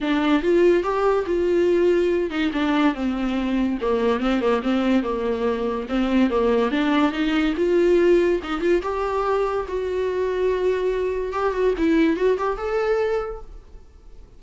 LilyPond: \new Staff \with { instrumentName = "viola" } { \time 4/4 \tempo 4 = 143 d'4 f'4 g'4 f'4~ | f'4. dis'8 d'4 c'4~ | c'4 ais4 c'8 ais8 c'4 | ais2 c'4 ais4 |
d'4 dis'4 f'2 | dis'8 f'8 g'2 fis'4~ | fis'2. g'8 fis'8 | e'4 fis'8 g'8 a'2 | }